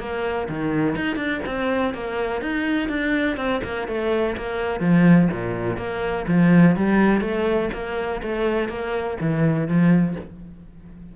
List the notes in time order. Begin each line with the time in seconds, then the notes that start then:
0.00 A#3
0.49 D#3
0.96 D#4
1.16 D4
1.46 C4
1.94 A#3
2.42 D#4
2.89 D4
3.37 C4
3.64 A#3
3.88 A3
4.37 A#3
4.81 F3
5.32 A#2
5.78 A#3
6.28 F3
6.76 G3
7.21 A3
7.74 A#3
8.23 A3
8.69 A#3
9.21 E3
9.68 F3